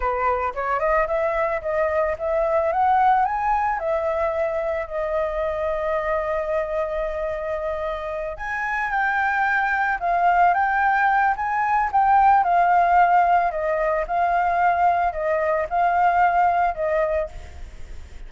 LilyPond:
\new Staff \with { instrumentName = "flute" } { \time 4/4 \tempo 4 = 111 b'4 cis''8 dis''8 e''4 dis''4 | e''4 fis''4 gis''4 e''4~ | e''4 dis''2.~ | dis''2.~ dis''8 gis''8~ |
gis''8 g''2 f''4 g''8~ | g''4 gis''4 g''4 f''4~ | f''4 dis''4 f''2 | dis''4 f''2 dis''4 | }